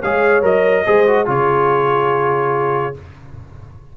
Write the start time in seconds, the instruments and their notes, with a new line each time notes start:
0.00 tuba G#3, trombone G#4, horn C#5, trumpet F5
0.42 tuba F#3, trombone A#4, trumpet D#5
0.85 tuba G#3, trombone G#4, horn C5
1.07 trombone F#4
1.26 tuba C#3, trombone F4, horn G#4, trumpet C#5